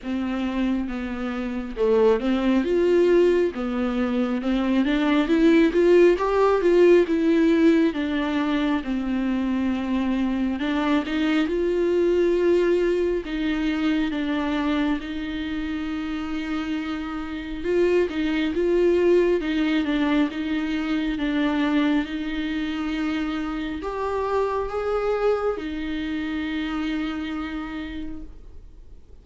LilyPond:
\new Staff \with { instrumentName = "viola" } { \time 4/4 \tempo 4 = 68 c'4 b4 a8 c'8 f'4 | b4 c'8 d'8 e'8 f'8 g'8 f'8 | e'4 d'4 c'2 | d'8 dis'8 f'2 dis'4 |
d'4 dis'2. | f'8 dis'8 f'4 dis'8 d'8 dis'4 | d'4 dis'2 g'4 | gis'4 dis'2. | }